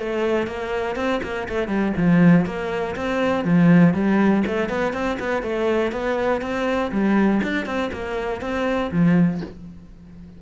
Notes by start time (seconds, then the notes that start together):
0.00 A3
0.48 A#3
0.96 C4
1.23 A#3
1.49 A3
1.68 G3
1.98 F3
2.46 A#3
2.96 C4
3.45 F3
3.94 G3
4.47 A3
4.69 B3
4.93 C4
5.20 B3
5.43 A3
5.92 B3
6.42 C4
6.92 G3
7.43 D4
7.66 C4
7.93 A#3
8.41 C4
8.92 F3